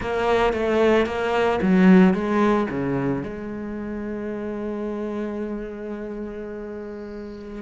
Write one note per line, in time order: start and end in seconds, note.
0.00 0.53 A#3
0.53 1.06 A3
1.06 1.59 A#3
1.61 2.13 F#3
2.13 2.67 G#3
2.70 3.23 C#3
3.23 7.62 G#3